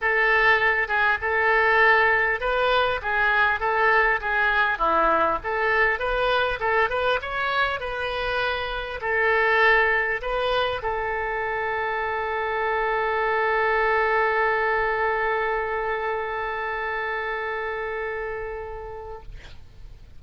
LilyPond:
\new Staff \with { instrumentName = "oboe" } { \time 4/4 \tempo 4 = 100 a'4. gis'8 a'2 | b'4 gis'4 a'4 gis'4 | e'4 a'4 b'4 a'8 b'8 | cis''4 b'2 a'4~ |
a'4 b'4 a'2~ | a'1~ | a'1~ | a'1 | }